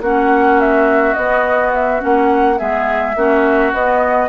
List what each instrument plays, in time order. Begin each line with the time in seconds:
0.00 bassoon A#3, clarinet C#4, oboe F#4, flute F#5
0.60 flute E5
1.13 bassoon B3, clarinet B3, flute D#5
1.73 flute E5
1.99 bassoon A#3, clarinet C#4, flute F#5
2.57 bassoon G#3, clarinet B3, oboe G#4, flute E5
3.15 bassoon A#3, clarinet C#4, oboe F#4
3.72 bassoon B3, clarinet B3, flute D#5